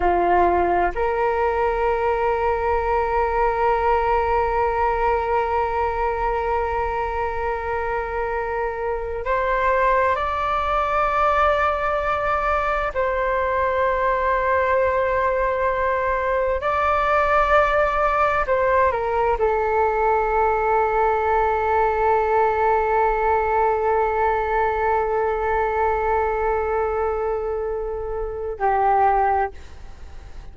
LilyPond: \new Staff \with { instrumentName = "flute" } { \time 4/4 \tempo 4 = 65 f'4 ais'2.~ | ais'1~ | ais'2 c''4 d''4~ | d''2 c''2~ |
c''2 d''2 | c''8 ais'8 a'2.~ | a'1~ | a'2. g'4 | }